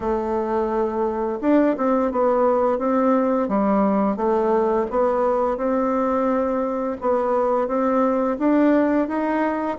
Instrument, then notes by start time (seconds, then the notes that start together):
bassoon
0.00 A3
1.41 D4
1.77 C4
2.11 B3
2.78 C4
3.48 G3
4.16 A3
4.90 B3
5.57 C4
7.01 B3
7.67 C4
8.38 D4
9.07 D#4